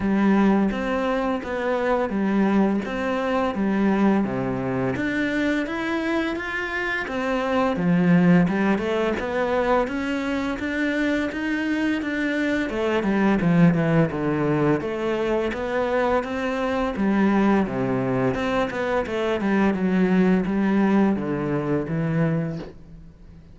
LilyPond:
\new Staff \with { instrumentName = "cello" } { \time 4/4 \tempo 4 = 85 g4 c'4 b4 g4 | c'4 g4 c4 d'4 | e'4 f'4 c'4 f4 | g8 a8 b4 cis'4 d'4 |
dis'4 d'4 a8 g8 f8 e8 | d4 a4 b4 c'4 | g4 c4 c'8 b8 a8 g8 | fis4 g4 d4 e4 | }